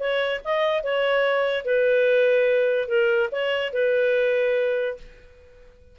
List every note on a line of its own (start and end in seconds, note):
0.00 0.41 C#5
0.45 0.84 D#5
0.84 1.65 C#5
1.65 2.89 B4
2.89 3.30 A#4
3.32 3.73 C#5
3.73 4.97 B4